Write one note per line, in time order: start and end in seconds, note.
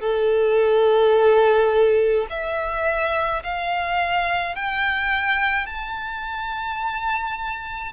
0.00 2.26 A4
2.30 3.43 E5
3.43 4.55 F5
4.55 5.66 G5
5.66 7.92 A5